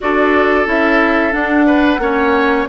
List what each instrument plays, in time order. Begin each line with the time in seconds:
0.01 bassoon D4, clarinet F#4, oboe A4, flute D5
0.66 bassoon C#4, clarinet E4, flute E5
1.32 clarinet D4, bassoon D4, flute F#5
1.66 oboe B4
1.98 bassoon A#3, clarinet C#4, oboe C#5